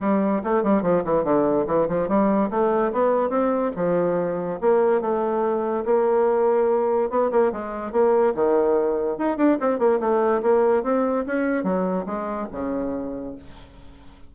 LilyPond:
\new Staff \with { instrumentName = "bassoon" } { \time 4/4 \tempo 4 = 144 g4 a8 g8 f8 e8 d4 | e8 f8 g4 a4 b4 | c'4 f2 ais4 | a2 ais2~ |
ais4 b8 ais8 gis4 ais4 | dis2 dis'8 d'8 c'8 ais8 | a4 ais4 c'4 cis'4 | fis4 gis4 cis2 | }